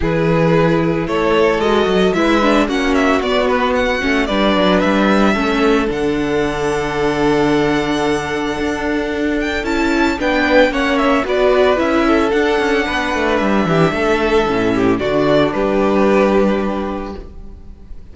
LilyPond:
<<
  \new Staff \with { instrumentName = "violin" } { \time 4/4 \tempo 4 = 112 b'2 cis''4 dis''4 | e''4 fis''8 e''8 d''8 b'8 fis''4 | d''4 e''2 fis''4~ | fis''1~ |
fis''4. g''8 a''4 g''4 | fis''8 e''8 d''4 e''4 fis''4~ | fis''4 e''2. | d''4 b'2. | }
  \new Staff \with { instrumentName = "violin" } { \time 4/4 gis'2 a'2 | b'4 fis'2. | b'2 a'2~ | a'1~ |
a'2. b'4 | cis''4 b'4. a'4. | b'4. g'8 a'4. g'8 | fis'4 g'2. | }
  \new Staff \with { instrumentName = "viola" } { \time 4/4 e'2. fis'4 | e'8 d'8 cis'4 b4. cis'8 | d'2 cis'4 d'4~ | d'1~ |
d'2 e'4 d'4 | cis'4 fis'4 e'4 d'4~ | d'2. cis'4 | d'1 | }
  \new Staff \with { instrumentName = "cello" } { \time 4/4 e2 a4 gis8 fis8 | gis4 ais4 b4. a8 | g8 fis8 g4 a4 d4~ | d1 |
d'2 cis'4 b4 | ais4 b4 cis'4 d'8 cis'8 | b8 a8 g8 e8 a4 a,4 | d4 g2. | }
>>